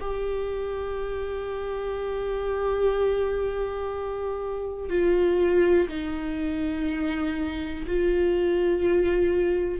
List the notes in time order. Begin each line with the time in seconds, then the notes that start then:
0.00 G4
4.90 F4
5.88 D#4
7.87 F4